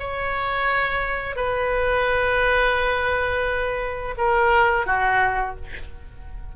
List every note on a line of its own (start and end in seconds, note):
0.00 1.36 C#5
1.36 4.15 B4
4.18 4.86 A#4
4.86 5.56 F#4